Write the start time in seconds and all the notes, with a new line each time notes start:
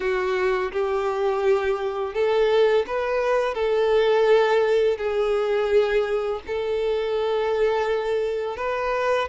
0.00 F#4
0.71 G4
2.14 A4
2.86 B4
3.54 A4
4.97 G#4
6.46 A4
8.56 B4